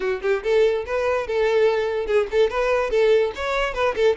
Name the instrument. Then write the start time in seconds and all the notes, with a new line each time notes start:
violin
0.00 F#4
0.22 G4
0.43 A4
0.86 B4
1.27 A4
2.06 G#4
2.31 A4
2.50 B4
2.90 A4
3.35 C#5
3.74 B4
3.95 A4